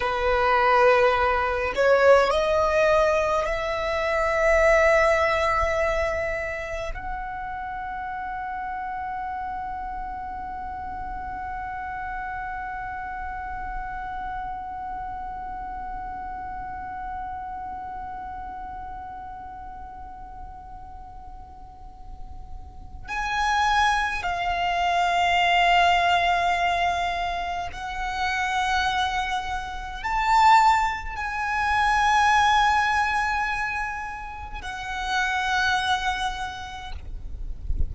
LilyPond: \new Staff \with { instrumentName = "violin" } { \time 4/4 \tempo 4 = 52 b'4. cis''8 dis''4 e''4~ | e''2 fis''2~ | fis''1~ | fis''1~ |
fis''1 | gis''4 f''2. | fis''2 a''4 gis''4~ | gis''2 fis''2 | }